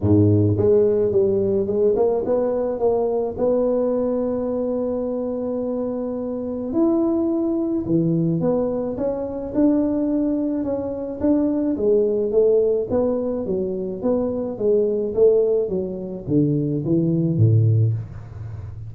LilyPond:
\new Staff \with { instrumentName = "tuba" } { \time 4/4 \tempo 4 = 107 gis,4 gis4 g4 gis8 ais8 | b4 ais4 b2~ | b1 | e'2 e4 b4 |
cis'4 d'2 cis'4 | d'4 gis4 a4 b4 | fis4 b4 gis4 a4 | fis4 d4 e4 a,4 | }